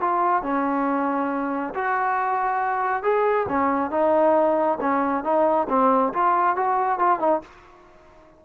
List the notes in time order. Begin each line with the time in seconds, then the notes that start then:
0.00 F4
0.42 C#4
1.74 F#4
3.03 G#4
3.48 C#4
3.90 D#4
4.80 C#4
5.24 D#4
5.69 C4
6.13 F4
6.56 F#4
6.99 F4
7.19 D#4